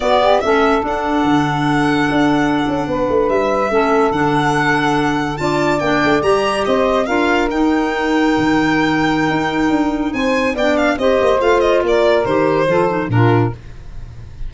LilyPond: <<
  \new Staff \with { instrumentName = "violin" } { \time 4/4 \tempo 4 = 142 d''4 e''4 fis''2~ | fis''2.~ fis''8. e''16~ | e''4.~ e''16 fis''2~ fis''16~ | fis''8. a''4 g''4 ais''4 dis''16~ |
dis''8. f''4 g''2~ g''16~ | g''1 | gis''4 g''8 f''8 dis''4 f''8 dis''8 | d''4 c''2 ais'4 | }
  \new Staff \with { instrumentName = "saxophone" } { \time 4/4 fis'8 g'8 a'2.~ | a'2~ a'8. b'4~ b'16~ | b'8. a'2.~ a'16~ | a'8. d''2. c''16~ |
c''8. ais'2.~ ais'16~ | ais'1 | c''4 d''4 c''2 | ais'2 a'4 f'4 | }
  \new Staff \with { instrumentName = "clarinet" } { \time 4/4 b4 cis'4 d'2~ | d'1~ | d'8. cis'4 d'2~ d'16~ | d'8. f'4 d'4 g'4~ g'16~ |
g'8. f'4 dis'2~ dis'16~ | dis'1~ | dis'4 d'4 g'4 f'4~ | f'4 g'4 f'8 dis'8 d'4 | }
  \new Staff \with { instrumentName = "tuba" } { \time 4/4 b4 a4 d'4 d4~ | d4 d'4~ d'16 cis'8 b8 a8 g16~ | g8. a4 d2~ d16~ | d8. d'4 ais8 a8 g4 c'16~ |
c'8. d'4 dis'2 dis16~ | dis2 dis'4 d'4 | c'4 b4 c'8 ais8 a4 | ais4 dis4 f4 ais,4 | }
>>